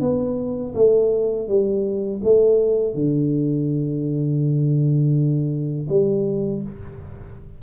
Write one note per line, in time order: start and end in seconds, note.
0.00 0.73 B3
0.75 1.48 A3
1.48 2.21 G3
2.24 2.94 A3
2.94 5.87 D3
5.89 6.62 G3